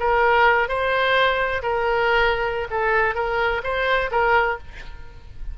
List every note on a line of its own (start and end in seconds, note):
0.00 0.69 A#4
0.69 1.63 C5
1.63 2.68 A#4
2.71 3.15 A4
3.15 3.62 A#4
3.64 4.11 C5
4.12 4.59 A#4